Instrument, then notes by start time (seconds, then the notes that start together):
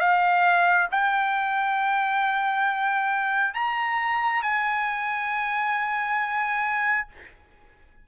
trumpet
0.00 F5
0.92 G5
3.55 A#5
4.43 G#5